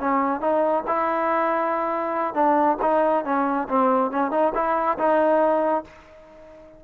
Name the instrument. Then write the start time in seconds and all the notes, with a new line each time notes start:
trombone
0.00 C#4
0.41 D#4
0.87 E4
2.34 D4
2.82 D#4
3.25 C#4
3.69 C4
4.11 C#4
4.31 D#4
4.55 E4
4.98 D#4